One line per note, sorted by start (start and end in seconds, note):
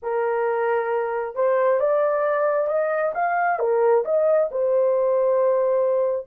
0.02 1.35 A#4
1.35 1.80 C5
1.80 2.67 D5
2.67 3.12 D#5
3.14 3.59 F5
3.59 4.03 A#4
4.04 4.49 D#5
4.51 6.26 C5